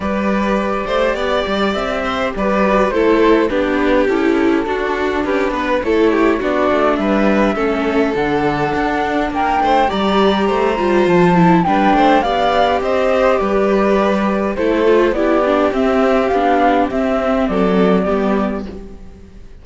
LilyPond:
<<
  \new Staff \with { instrumentName = "flute" } { \time 4/4 \tempo 4 = 103 d''2. e''4 | d''4 c''4 b'4 a'4~ | a'4 b'4 cis''4 d''4 | e''2 fis''2 |
g''4 ais''2 a''4 | g''4 f''4 dis''4 d''4~ | d''4 c''4 d''4 e''4 | f''4 e''4 d''2 | }
  \new Staff \with { instrumentName = "violin" } { \time 4/4 b'4. c''8 d''4. c''8 | b'4 a'4 g'2 | fis'4 g'8 b'8 a'8 g'8 fis'4 | b'4 a'2. |
ais'8 c''8 d''4 c''2 | b'8 c''8 d''4 c''4 b'4~ | b'4 a'4 g'2~ | g'2 a'4 g'4 | }
  \new Staff \with { instrumentName = "viola" } { \time 4/4 g'1~ | g'8 fis'8 e'4 d'4 e'4 | d'2 e'4 d'4~ | d'4 cis'4 d'2~ |
d'4 g'4. f'4 e'8 | d'4 g'2.~ | g'4 e'8 f'8 e'8 d'8 c'4 | d'4 c'2 b4 | }
  \new Staff \with { instrumentName = "cello" } { \time 4/4 g4. a8 b8 g8 c'4 | g4 a4 b4 cis'4 | d'4 cis'8 b8 a4 b8 a8 | g4 a4 d4 d'4 |
ais8 a8 g4 a8 g8 f4 | g8 a8 b4 c'4 g4~ | g4 a4 b4 c'4 | b4 c'4 fis4 g4 | }
>>